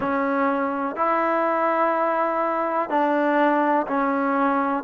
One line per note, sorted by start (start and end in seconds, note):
0.00 0.95 C#4
0.95 2.89 E4
2.89 3.86 D4
3.87 4.83 C#4